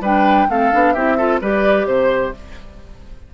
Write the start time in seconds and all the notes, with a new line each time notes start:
0.00 G3 D4 B4 G5
0.49 A3 C4 A4 F5
0.72 B3 D4
0.92 C4 E4 G4 E5
1.17 F4 A4
1.41 G3 G4 B4 D5
1.85 C3 C5